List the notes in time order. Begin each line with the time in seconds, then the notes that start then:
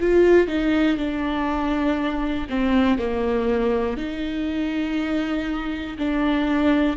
0.00 F4
0.47 D#4
0.97 D4
2.50 C4
2.98 A#3
3.97 D#4
5.98 D4